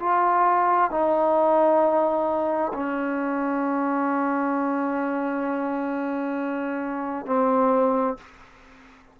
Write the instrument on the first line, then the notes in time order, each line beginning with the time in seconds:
trombone
0.00 F4
0.91 D#4
2.74 C#4
7.26 C4